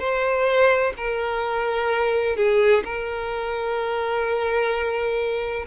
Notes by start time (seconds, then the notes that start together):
0.00 C5
0.98 A#4
2.37 G#4
2.85 A#4